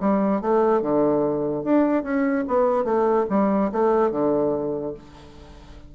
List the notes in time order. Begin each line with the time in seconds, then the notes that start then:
0.00 G3
0.41 A3
0.81 D3
1.64 D4
2.03 C#4
2.48 B3
2.84 A3
3.30 G3
3.72 A3
4.11 D3